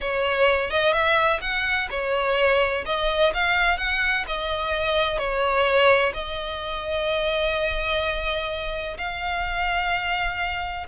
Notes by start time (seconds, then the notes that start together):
0.00 C#5
0.70 D#5
0.92 E5
1.41 F#5
1.90 C#5
2.85 D#5
3.34 F5
3.77 F#5
4.27 D#5
5.18 C#5
6.13 D#5
8.97 F5